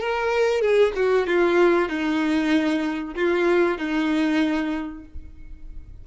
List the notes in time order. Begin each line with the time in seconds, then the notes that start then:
0.00 A#4
0.61 G#4
0.95 F#4
1.26 F4
1.88 D#4
3.15 F4
3.78 D#4